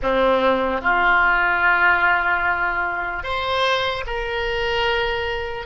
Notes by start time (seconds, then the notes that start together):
0.02 C4
0.81 F4
3.22 C5
4.06 A#4